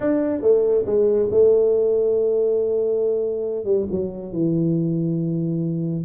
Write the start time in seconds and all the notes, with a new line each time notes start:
0.00 D4
0.41 A3
0.86 G#3
1.30 A3
3.65 G3
3.90 F#3
4.32 E3